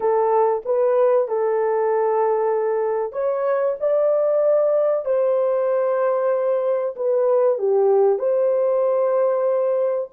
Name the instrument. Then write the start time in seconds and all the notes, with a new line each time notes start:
horn
0.00 A4
0.65 B4
1.28 A4
3.12 C#5
3.80 D5
5.05 C5
6.96 B4
7.58 G4
8.18 C5